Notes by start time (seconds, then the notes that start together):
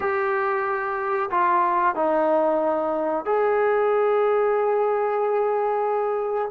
0.00 G4
1.30 F4
1.95 D#4
3.25 G#4